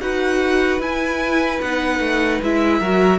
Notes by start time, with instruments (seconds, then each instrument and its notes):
0.00 cello D#4, viola F#4, violin B4 F#5
0.79 cello E4, viola E4, violin G#5
1.61 cello B3, viola D#4, violin F#5
1.99 cello A3
2.42 cello G#3, viola E4, violin E5
2.79 cello F#3, viola F#4, violin A#4